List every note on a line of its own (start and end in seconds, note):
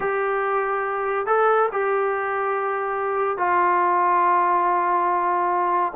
0.00 1.26 G4
1.26 1.69 A4
1.72 3.37 G4
3.37 5.93 F4